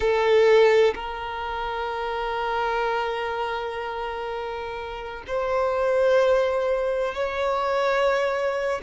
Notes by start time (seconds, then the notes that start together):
0.00 A4
0.94 A#4
5.27 C5
7.14 C#5